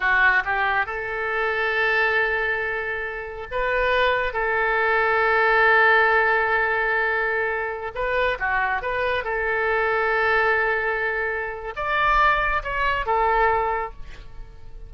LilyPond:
\new Staff \with { instrumentName = "oboe" } { \time 4/4 \tempo 4 = 138 fis'4 g'4 a'2~ | a'1 | b'2 a'2~ | a'1~ |
a'2~ a'16 b'4 fis'8.~ | fis'16 b'4 a'2~ a'8.~ | a'2. d''4~ | d''4 cis''4 a'2 | }